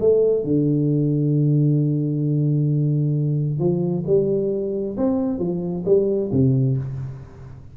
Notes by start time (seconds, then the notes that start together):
0.00 A3
0.44 D3
3.59 F3
4.06 G3
4.97 C4
5.39 F3
5.85 G3
6.32 C3